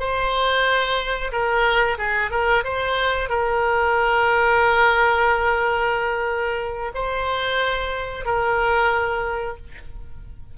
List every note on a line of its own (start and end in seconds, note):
0.00 1.32 C5
1.32 1.98 A#4
1.98 2.31 G#4
2.31 2.64 A#4
2.64 3.30 C5
3.30 6.92 A#4
6.95 8.25 C5
8.25 9.57 A#4